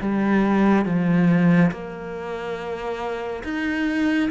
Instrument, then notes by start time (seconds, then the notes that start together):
cello
0.00 G3
0.85 F3
1.71 A#3
3.44 D#4